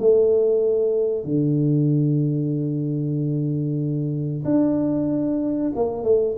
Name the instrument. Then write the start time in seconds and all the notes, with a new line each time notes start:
tuba
0.00 A3
1.25 D3
4.45 D4
5.76 A#3
6.04 A3